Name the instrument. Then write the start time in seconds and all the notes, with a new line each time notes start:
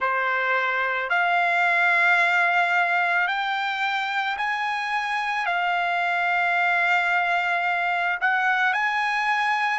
trumpet
0.00 C5
1.09 F5
3.27 G5
4.37 G#5
5.45 F5
8.20 F#5
8.73 G#5